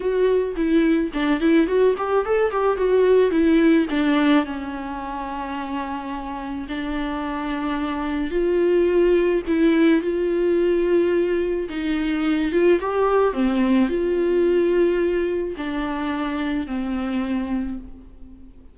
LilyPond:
\new Staff \with { instrumentName = "viola" } { \time 4/4 \tempo 4 = 108 fis'4 e'4 d'8 e'8 fis'8 g'8 | a'8 g'8 fis'4 e'4 d'4 | cis'1 | d'2. f'4~ |
f'4 e'4 f'2~ | f'4 dis'4. f'8 g'4 | c'4 f'2. | d'2 c'2 | }